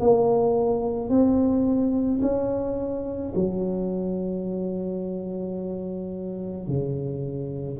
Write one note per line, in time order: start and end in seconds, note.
0.00 1.10 A#3
1.10 2.21 C4
2.22 3.33 C#4
3.35 6.68 F#3
6.68 7.79 C#3